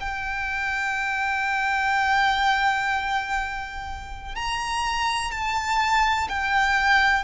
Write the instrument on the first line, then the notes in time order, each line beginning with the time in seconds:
violin
0.00 G5
4.35 A#5
5.31 A5
6.29 G5